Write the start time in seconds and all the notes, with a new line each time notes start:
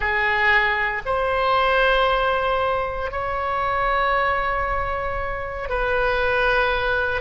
0.00 G#4
1.05 C5
3.11 C#5
5.69 B4